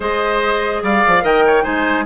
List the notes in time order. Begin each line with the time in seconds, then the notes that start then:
0.00 G#3 G#4 C5 D#5
0.82 G3 D5 F5
1.06 F3
1.21 D#3 A#4 D#5 G5
1.47 C#5
1.63 G#3 D#4 C5 G#5